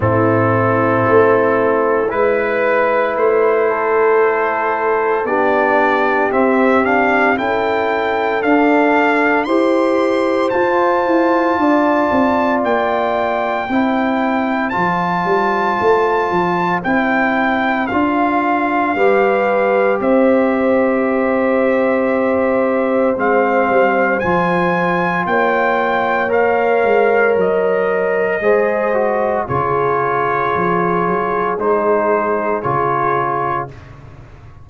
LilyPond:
<<
  \new Staff \with { instrumentName = "trumpet" } { \time 4/4 \tempo 4 = 57 a'2 b'4 c''4~ | c''4 d''4 e''8 f''8 g''4 | f''4 c'''4 a''2 | g''2 a''2 |
g''4 f''2 e''4~ | e''2 f''4 gis''4 | g''4 f''4 dis''2 | cis''2 c''4 cis''4 | }
  \new Staff \with { instrumentName = "horn" } { \time 4/4 e'2 b'4. a'8~ | a'4 g'2 a'4~ | a'4 c''2 d''4~ | d''4 c''2.~ |
c''2 b'4 c''4~ | c''1 | cis''2. c''4 | gis'1 | }
  \new Staff \with { instrumentName = "trombone" } { \time 4/4 c'2 e'2~ | e'4 d'4 c'8 d'8 e'4 | d'4 g'4 f'2~ | f'4 e'4 f'2 |
e'4 f'4 g'2~ | g'2 c'4 f'4~ | f'4 ais'2 gis'8 fis'8 | f'2 dis'4 f'4 | }
  \new Staff \with { instrumentName = "tuba" } { \time 4/4 a,4 a4 gis4 a4~ | a4 b4 c'4 cis'4 | d'4 e'4 f'8 e'8 d'8 c'8 | ais4 c'4 f8 g8 a8 f8 |
c'4 d'4 g4 c'4~ | c'2 gis8 g8 f4 | ais4. gis8 fis4 gis4 | cis4 f8 fis8 gis4 cis4 | }
>>